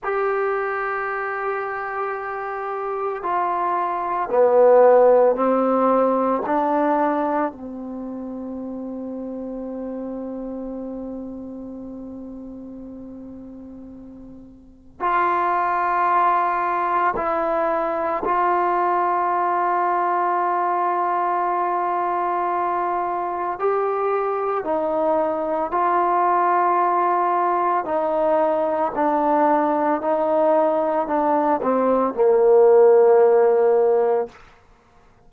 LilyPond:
\new Staff \with { instrumentName = "trombone" } { \time 4/4 \tempo 4 = 56 g'2. f'4 | b4 c'4 d'4 c'4~ | c'1~ | c'2 f'2 |
e'4 f'2.~ | f'2 g'4 dis'4 | f'2 dis'4 d'4 | dis'4 d'8 c'8 ais2 | }